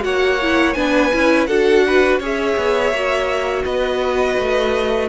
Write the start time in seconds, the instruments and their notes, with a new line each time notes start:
0.00 cello A#3, viola F#4, violin C#5 F#5
0.41 viola E4
0.73 cello B3, viola D4, violin B4 G#5
1.12 cello C#4, viola E4
1.46 cello D4, viola F#4, violin A4 F#5
1.86 violin B4
2.19 cello C#4, viola G#4, violin C#5
2.25 violin E5
2.56 cello B3
2.91 cello A#3, viola F#4
3.64 cello B3, violin B4 D#5
4.38 cello A3